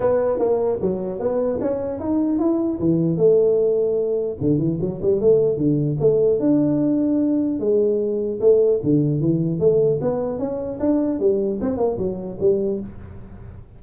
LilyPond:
\new Staff \with { instrumentName = "tuba" } { \time 4/4 \tempo 4 = 150 b4 ais4 fis4 b4 | cis'4 dis'4 e'4 e4 | a2. d8 e8 | fis8 g8 a4 d4 a4 |
d'2. gis4~ | gis4 a4 d4 e4 | a4 b4 cis'4 d'4 | g4 c'8 ais8 fis4 g4 | }